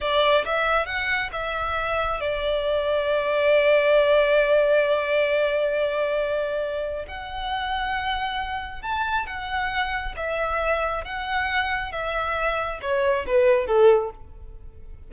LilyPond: \new Staff \with { instrumentName = "violin" } { \time 4/4 \tempo 4 = 136 d''4 e''4 fis''4 e''4~ | e''4 d''2.~ | d''1~ | d''1 |
fis''1 | a''4 fis''2 e''4~ | e''4 fis''2 e''4~ | e''4 cis''4 b'4 a'4 | }